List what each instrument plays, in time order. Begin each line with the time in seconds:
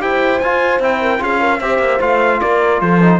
0.00 cello E4, trombone G4, horn C5, trumpet G5
0.39 cello F4, trombone F4, trumpet G#5
0.79 cello C4, trombone E4, trumpet G5
1.01 horn A#4
1.19 cello C#4, trombone F4, horn G#4, trumpet F5
1.39 horn A#4
1.60 cello C4, trombone G4, horn C5, trumpet E5
1.78 cello A#3
2.00 cello A3, trombone F4, trumpet F5
2.40 cello A#3, horn A#4, trumpet D5
2.80 cello F3, horn A4, trumpet C5
3.02 trombone D#4